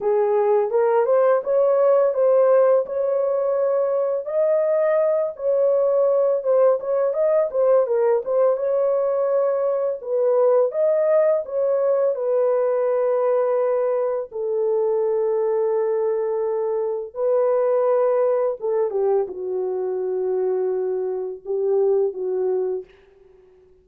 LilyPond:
\new Staff \with { instrumentName = "horn" } { \time 4/4 \tempo 4 = 84 gis'4 ais'8 c''8 cis''4 c''4 | cis''2 dis''4. cis''8~ | cis''4 c''8 cis''8 dis''8 c''8 ais'8 c''8 | cis''2 b'4 dis''4 |
cis''4 b'2. | a'1 | b'2 a'8 g'8 fis'4~ | fis'2 g'4 fis'4 | }